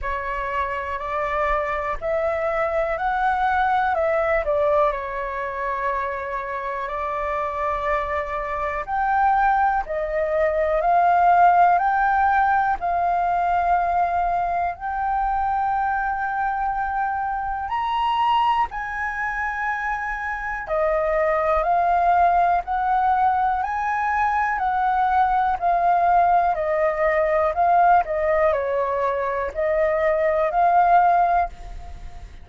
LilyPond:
\new Staff \with { instrumentName = "flute" } { \time 4/4 \tempo 4 = 61 cis''4 d''4 e''4 fis''4 | e''8 d''8 cis''2 d''4~ | d''4 g''4 dis''4 f''4 | g''4 f''2 g''4~ |
g''2 ais''4 gis''4~ | gis''4 dis''4 f''4 fis''4 | gis''4 fis''4 f''4 dis''4 | f''8 dis''8 cis''4 dis''4 f''4 | }